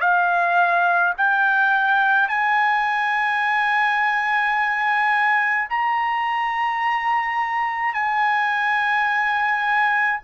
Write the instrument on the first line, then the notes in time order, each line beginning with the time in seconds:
trumpet
0.00 F5
1.17 G5
2.28 G#5
5.69 A#5
7.93 G#5